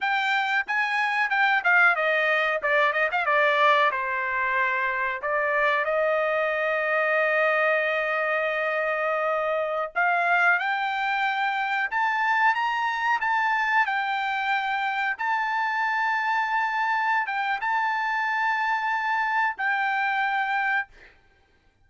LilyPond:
\new Staff \with { instrumentName = "trumpet" } { \time 4/4 \tempo 4 = 92 g''4 gis''4 g''8 f''8 dis''4 | d''8 dis''16 f''16 d''4 c''2 | d''4 dis''2.~ | dis''2.~ dis''16 f''8.~ |
f''16 g''2 a''4 ais''8.~ | ais''16 a''4 g''2 a''8.~ | a''2~ a''8 g''8 a''4~ | a''2 g''2 | }